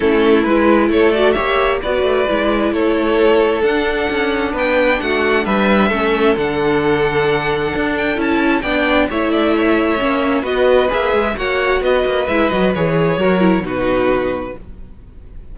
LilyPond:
<<
  \new Staff \with { instrumentName = "violin" } { \time 4/4 \tempo 4 = 132 a'4 b'4 cis''8 d''8 e''4 | d''2 cis''2 | fis''2 g''4 fis''4 | e''2 fis''2~ |
fis''4. g''8 a''4 g''4 | e''2. dis''4 | e''4 fis''4 dis''4 e''8 dis''8 | cis''2 b'2 | }
  \new Staff \with { instrumentName = "violin" } { \time 4/4 e'2 a'4 cis''4 | b'2 a'2~ | a'2 b'4 fis'4 | b'4 a'2.~ |
a'2. d''4 | cis''8 d''8 cis''2 b'4~ | b'4 cis''4 b'2~ | b'4 ais'4 fis'2 | }
  \new Staff \with { instrumentName = "viola" } { \time 4/4 cis'4 e'4. fis'8 g'4 | fis'4 e'2. | d'1~ | d'4 cis'4 d'2~ |
d'2 e'4 d'4 | e'2 cis'4 fis'4 | gis'4 fis'2 e'8 fis'8 | gis'4 fis'8 e'8 dis'2 | }
  \new Staff \with { instrumentName = "cello" } { \time 4/4 a4 gis4 a4 ais4 | b8 a8 gis4 a2 | d'4 cis'4 b4 a4 | g4 a4 d2~ |
d4 d'4 cis'4 b4 | a2 ais4 b4 | ais8 gis8 ais4 b8 ais8 gis8 fis8 | e4 fis4 b,2 | }
>>